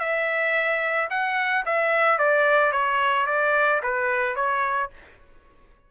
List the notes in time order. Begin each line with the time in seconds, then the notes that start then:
0.00 E5
1.11 F#5
1.66 E5
2.19 D5
2.72 C#5
3.27 D5
3.83 B4
4.36 C#5